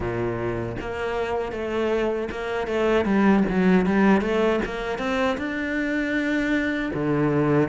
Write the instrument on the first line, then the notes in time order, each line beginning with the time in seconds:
cello
0.00 A#2
0.80 A#3
1.51 A3
2.31 A#3
2.67 A3
3.05 G3
3.49 F#3
3.85 G3
4.21 A3
4.65 A#3
4.98 C4
5.37 D4
6.94 D3